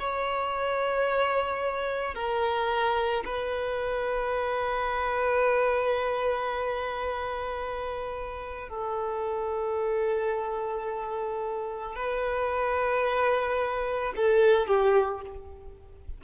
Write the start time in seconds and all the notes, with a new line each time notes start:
0.00 C#5
2.15 A#4
3.25 B4
8.69 A4
11.96 B4
14.17 A4
14.67 G4